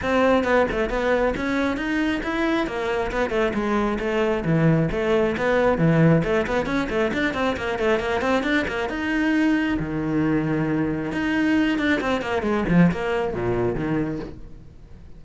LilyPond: \new Staff \with { instrumentName = "cello" } { \time 4/4 \tempo 4 = 135 c'4 b8 a8 b4 cis'4 | dis'4 e'4 ais4 b8 a8 | gis4 a4 e4 a4 | b4 e4 a8 b8 cis'8 a8 |
d'8 c'8 ais8 a8 ais8 c'8 d'8 ais8 | dis'2 dis2~ | dis4 dis'4. d'8 c'8 ais8 | gis8 f8 ais4 ais,4 dis4 | }